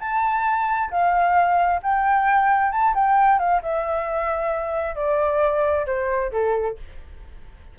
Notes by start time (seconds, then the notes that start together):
0.00 A5
0.91 F5
1.83 G5
2.72 A5
2.95 G5
3.39 F5
3.63 E5
4.95 D5
5.86 C5
6.32 A4